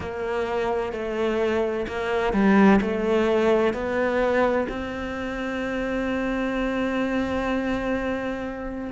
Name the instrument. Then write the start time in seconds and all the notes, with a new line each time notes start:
cello
0.00 A#3
0.92 A3
1.87 A#3
2.33 G3
2.81 A3
3.73 B3
4.68 C4